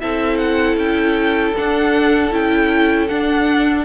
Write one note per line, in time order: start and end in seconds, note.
0.00 0.76 C4
0.00 1.54 E4
0.00 3.84 A4
0.00 0.37 E5
0.37 0.76 F#5
0.76 1.53 C#4
0.76 1.55 G5
1.57 2.30 D4
1.57 2.31 D4
1.57 2.33 F#5
2.30 3.08 C#4
2.30 3.07 E4
2.30 3.08 G5
3.08 3.84 D4
3.08 3.84 F#5